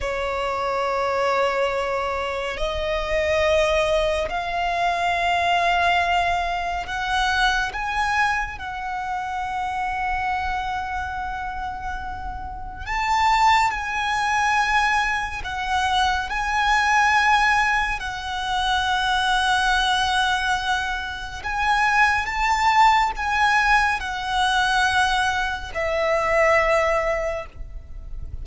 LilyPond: \new Staff \with { instrumentName = "violin" } { \time 4/4 \tempo 4 = 70 cis''2. dis''4~ | dis''4 f''2. | fis''4 gis''4 fis''2~ | fis''2. a''4 |
gis''2 fis''4 gis''4~ | gis''4 fis''2.~ | fis''4 gis''4 a''4 gis''4 | fis''2 e''2 | }